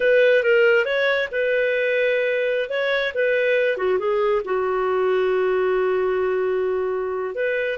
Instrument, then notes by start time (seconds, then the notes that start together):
clarinet
0.00 B4
0.43 A#4
0.85 C#5
1.31 B4
2.69 C#5
3.14 B4
3.77 F#4
3.98 G#4
4.44 F#4
7.35 B4